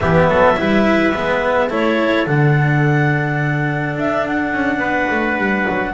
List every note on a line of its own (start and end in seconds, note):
0.00 0.28 E3
0.00 0.56 B3
0.00 0.29 G4
0.00 1.70 E5
0.28 0.56 F#3
0.28 0.58 A4
0.56 1.14 G3
0.56 1.13 E4
0.56 1.68 B4
1.14 1.70 G#3
1.14 1.69 B3
1.68 2.26 A3
1.68 2.26 E4
1.68 4.79 A4
1.68 2.26 C#5
2.26 3.96 D3
2.26 5.93 D4
2.26 3.96 F#5
3.96 4.53 D4
3.96 4.26 E5
4.26 5.93 F#5
4.53 4.77 C#4
4.77 5.06 B3
4.77 5.92 B4
5.10 5.37 A3
5.37 5.65 G3
5.69 5.93 F#3